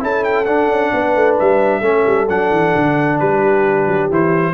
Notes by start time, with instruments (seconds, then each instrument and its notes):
0.00 tuba C#4, trombone E4, horn A4, trumpet A5
0.24 trumpet G5
0.45 trombone D4, tuba D4, trumpet F#5
0.68 tuba C#4
0.93 tuba B3, horn B4
1.16 tuba A3
1.39 tuba G3, trumpet E5
1.81 tuba A3, trombone C#4, horn A4
2.06 tuba G3
2.29 tuba F#3, trombone D4, trumpet F#5
2.51 tuba E3
2.75 tuba D3
3.19 tuba G3, horn G4, trumpet B4
3.86 tuba F#3
4.10 tuba E3, trombone E4, trumpet C5